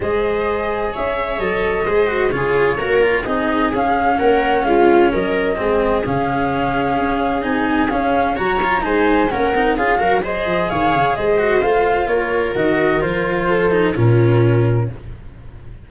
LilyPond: <<
  \new Staff \with { instrumentName = "flute" } { \time 4/4 \tempo 4 = 129 dis''2 e''4 dis''4~ | dis''4 cis''2 dis''4 | f''4 fis''4 f''4 dis''4~ | dis''4 f''2. |
gis''4 f''4 ais''4 gis''4 | fis''4 f''4 dis''4 f''4 | dis''4 f''4 cis''4 dis''4 | c''2 ais'2 | }
  \new Staff \with { instrumentName = "viola" } { \time 4/4 c''2 cis''2 | c''4 gis'4 ais'4 gis'4~ | gis'4 ais'4 f'4 ais'4 | gis'1~ |
gis'2 cis''4 c''4 | ais'4 gis'8 ais'8 c''4 cis''4 | c''2 ais'2~ | ais'4 a'4 f'2 | }
  \new Staff \with { instrumentName = "cello" } { \time 4/4 gis'2. a'4 | gis'8 fis'8 f'4 fis'8 f'8 dis'4 | cis'1 | c'4 cis'2. |
dis'4 cis'4 fis'8 f'8 dis'4 | cis'8 dis'8 f'8 fis'8 gis'2~ | gis'8 fis'8 f'2 fis'4 | f'4. dis'8 cis'2 | }
  \new Staff \with { instrumentName = "tuba" } { \time 4/4 gis2 cis'4 fis4 | gis4 cis4 ais4 c'4 | cis'4 ais4 gis4 fis4 | gis4 cis2 cis'4 |
c'4 cis'4 fis4 gis4 | ais8 c'8 cis'8 fis4 f8 dis8 cis8 | gis4 a4 ais4 dis4 | f2 ais,2 | }
>>